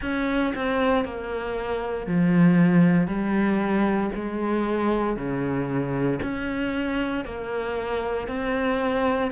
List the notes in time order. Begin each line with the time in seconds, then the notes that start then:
0.01 C#4
0.55 C4
1.04 A#3
2.06 F3
3.07 G3
4.14 G#3
5.16 C#3
6.22 C#4
7.25 A#3
8.27 C4